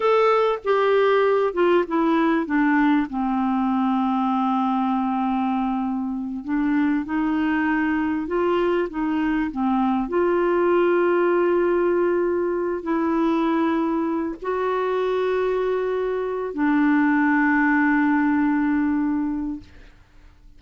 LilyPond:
\new Staff \with { instrumentName = "clarinet" } { \time 4/4 \tempo 4 = 98 a'4 g'4. f'8 e'4 | d'4 c'2.~ | c'2~ c'8 d'4 dis'8~ | dis'4. f'4 dis'4 c'8~ |
c'8 f'2.~ f'8~ | f'4 e'2~ e'8 fis'8~ | fis'2. d'4~ | d'1 | }